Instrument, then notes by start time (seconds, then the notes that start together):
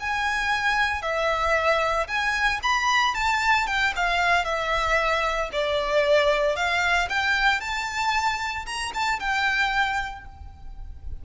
violin
0.00 G#5
1.02 E5
2.07 G#5
2.63 B5
3.14 A5
3.67 G5
3.96 F5
4.45 E5
5.52 D5
6.56 F5
7.09 G5
7.60 A5
8.66 A#5
8.94 A5
9.20 G5